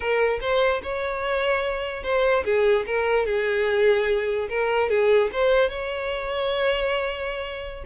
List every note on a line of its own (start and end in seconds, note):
0.00 0.39 A#4
0.41 0.81 C5
0.82 2.03 C#5
2.03 2.44 C5
2.45 2.85 G#4
2.86 3.26 A#4
3.26 4.48 G#4
4.49 4.89 A#4
4.89 5.30 G#4
5.32 5.69 C5
5.69 7.84 C#5